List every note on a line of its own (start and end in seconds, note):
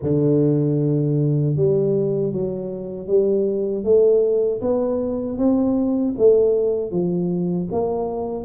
0.02 1.56 D3
1.56 2.32 G3
2.32 3.07 F#3
3.07 3.84 G3
3.84 4.60 A3
4.61 5.38 B3
5.38 6.15 C4
6.18 6.91 A3
6.91 7.68 F3
7.71 8.44 A#3